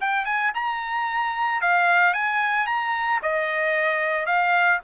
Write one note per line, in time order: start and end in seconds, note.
0.00 0.25 G5
0.25 0.52 G#5
0.54 1.61 A#5
1.61 2.13 F5
2.13 2.66 G#5
2.66 3.20 A#5
3.22 4.25 D#5
4.25 4.79 F5